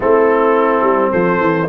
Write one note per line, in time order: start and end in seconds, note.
0.00 0.82 A3
0.00 1.67 C4
0.00 1.10 E4
0.00 1.11 A4
0.82 1.11 G3
1.10 1.39 F3
1.10 1.66 A4
1.10 1.68 C5
1.39 1.67 E3